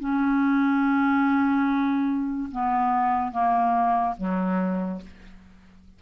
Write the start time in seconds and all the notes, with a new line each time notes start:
0.00 C#4
2.52 B3
3.32 A#3
4.18 F#3